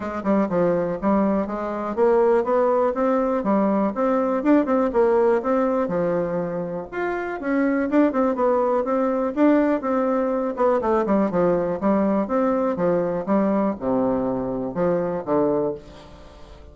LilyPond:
\new Staff \with { instrumentName = "bassoon" } { \time 4/4 \tempo 4 = 122 gis8 g8 f4 g4 gis4 | ais4 b4 c'4 g4 | c'4 d'8 c'8 ais4 c'4 | f2 f'4 cis'4 |
d'8 c'8 b4 c'4 d'4 | c'4. b8 a8 g8 f4 | g4 c'4 f4 g4 | c2 f4 d4 | }